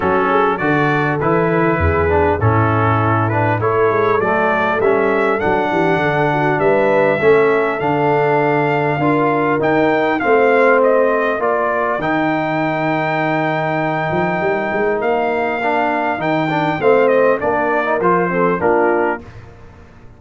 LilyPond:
<<
  \new Staff \with { instrumentName = "trumpet" } { \time 4/4 \tempo 4 = 100 a'4 d''4 b'2 | a'4. b'8 cis''4 d''4 | e''4 fis''2 e''4~ | e''4 f''2. |
g''4 f''4 dis''4 d''4 | g''1~ | g''4 f''2 g''4 | f''8 dis''8 d''4 c''4 ais'4 | }
  \new Staff \with { instrumentName = "horn" } { \time 4/4 fis'8 gis'8 a'2 gis'4 | e'2 a'2~ | a'4. g'8 a'8 fis'8 b'4 | a'2. ais'4~ |
ais'4 c''2 ais'4~ | ais'1~ | ais'1 | c''4 ais'4. a'8 f'4 | }
  \new Staff \with { instrumentName = "trombone" } { \time 4/4 cis'4 fis'4 e'4. d'8 | cis'4. d'8 e'4 a4 | cis'4 d'2. | cis'4 d'2 f'4 |
dis'4 c'2 f'4 | dis'1~ | dis'2 d'4 dis'8 d'8 | c'4 d'8. dis'16 f'8 c'8 d'4 | }
  \new Staff \with { instrumentName = "tuba" } { \time 4/4 fis4 d4 e4 e,4 | a,2 a8 gis8 fis4 | g4 fis8 e8 d4 g4 | a4 d2 d'4 |
dis'4 a2 ais4 | dis2.~ dis8 f8 | g8 gis8 ais2 dis4 | a4 ais4 f4 ais4 | }
>>